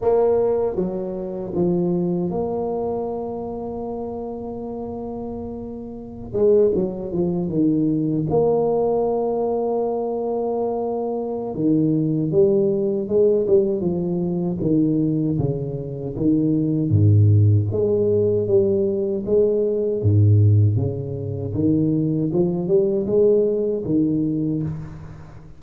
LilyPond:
\new Staff \with { instrumentName = "tuba" } { \time 4/4 \tempo 4 = 78 ais4 fis4 f4 ais4~ | ais1~ | ais16 gis8 fis8 f8 dis4 ais4~ ais16~ | ais2. dis4 |
g4 gis8 g8 f4 dis4 | cis4 dis4 gis,4 gis4 | g4 gis4 gis,4 cis4 | dis4 f8 g8 gis4 dis4 | }